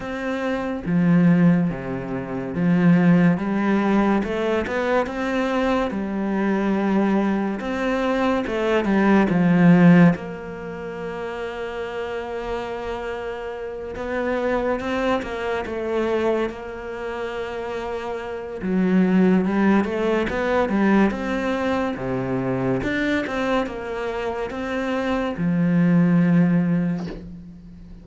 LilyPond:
\new Staff \with { instrumentName = "cello" } { \time 4/4 \tempo 4 = 71 c'4 f4 c4 f4 | g4 a8 b8 c'4 g4~ | g4 c'4 a8 g8 f4 | ais1~ |
ais8 b4 c'8 ais8 a4 ais8~ | ais2 fis4 g8 a8 | b8 g8 c'4 c4 d'8 c'8 | ais4 c'4 f2 | }